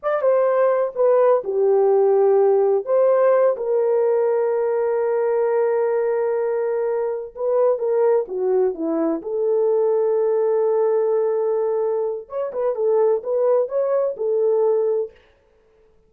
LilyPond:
\new Staff \with { instrumentName = "horn" } { \time 4/4 \tempo 4 = 127 d''8 c''4. b'4 g'4~ | g'2 c''4. ais'8~ | ais'1~ | ais'2.~ ais'8 b'8~ |
b'8 ais'4 fis'4 e'4 a'8~ | a'1~ | a'2 cis''8 b'8 a'4 | b'4 cis''4 a'2 | }